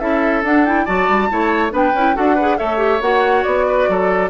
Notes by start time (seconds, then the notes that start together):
0.00 C#4 E4 A4 E5
0.43 D4 F#5
0.66 E4 G5
0.85 F#3 F#4 D5 A5
1.09 G3
1.30 A3 E4 C#5
1.71 B3 D4 B4 G5
1.94 C#4 E4
2.15 D4 F#4 A4 F#5
2.36 G#4 B4
2.58 A3 A4 C#5 E5
2.78 G4
3.01 A#3 F#4 F#5
3.44 B3 D5
3.68 B4
3.89 F#3 A4